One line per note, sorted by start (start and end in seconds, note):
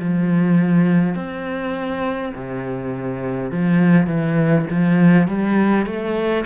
0.00 1.16 F3
1.16 2.33 C4
2.35 3.52 C3
3.52 4.07 F3
4.07 4.66 E3
4.71 5.28 F3
5.28 5.86 G3
5.86 6.45 A3